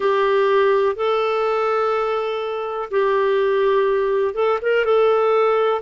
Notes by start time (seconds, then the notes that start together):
0.00 G4
0.95 A4
2.90 G4
4.34 A4
4.61 A#4
4.84 A4